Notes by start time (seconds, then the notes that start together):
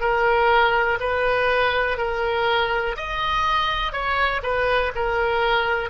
0.00 A#4
1.00 B4
1.98 A#4
2.96 D#5
3.92 C#5
4.42 B4
4.95 A#4